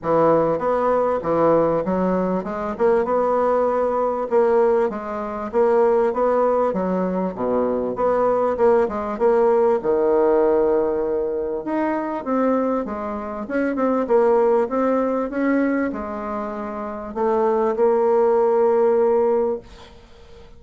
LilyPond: \new Staff \with { instrumentName = "bassoon" } { \time 4/4 \tempo 4 = 98 e4 b4 e4 fis4 | gis8 ais8 b2 ais4 | gis4 ais4 b4 fis4 | b,4 b4 ais8 gis8 ais4 |
dis2. dis'4 | c'4 gis4 cis'8 c'8 ais4 | c'4 cis'4 gis2 | a4 ais2. | }